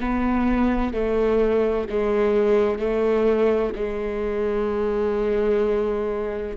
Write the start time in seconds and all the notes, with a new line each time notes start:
0.00 B3
0.93 A3
1.89 G#3
2.78 A3
3.75 G#3